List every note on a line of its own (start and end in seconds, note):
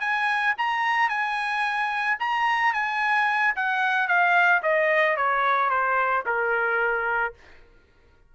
0.00 0.54 G#5
0.57 1.09 A#5
1.09 2.17 G#5
2.19 2.73 A#5
2.73 3.54 G#5
3.56 4.07 F#5
4.07 4.61 F5
4.62 5.16 D#5
5.16 5.70 C#5
5.70 6.24 C5
6.26 7.34 A#4